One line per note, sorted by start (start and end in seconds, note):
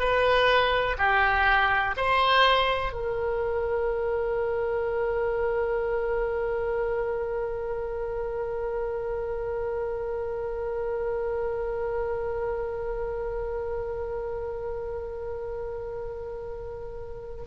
0.00 0.97 B4
0.98 1.95 G4
1.97 2.93 C5
2.93 17.45 A#4